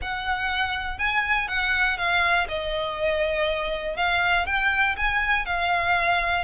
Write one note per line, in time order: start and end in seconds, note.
0.01 0.98 F#5
0.98 1.48 G#5
1.48 1.97 F#5
1.97 2.47 F5
2.48 3.96 D#5
3.96 4.45 F5
4.45 4.95 G5
4.97 5.45 G#5
5.45 6.44 F5